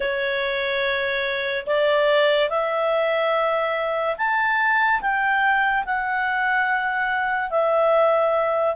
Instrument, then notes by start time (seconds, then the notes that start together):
clarinet
0.00 C#5
1.66 D5
2.49 E5
4.17 A5
5.01 G5
5.85 F#5
7.50 E5